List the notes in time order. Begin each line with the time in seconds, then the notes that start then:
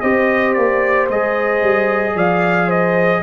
0.00 C4 G4 C5 D#5
0.53 A#3 D5
1.09 G#3 G#4 D#5
1.62 G3
2.15 F3 D5 F5
2.66 C5 D#5